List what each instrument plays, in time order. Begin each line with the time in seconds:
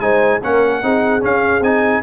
0.00 tuba G#3, trombone D#4, horn C5, trumpet G#5
0.42 tuba A#3, trombone C#4, horn A#4, trumpet F#5
0.83 tuba C4, trombone D#4, horn G#4
1.21 trombone C#4, tuba C#4, trumpet F5
1.61 tuba C4, trombone D#4, trumpet G#5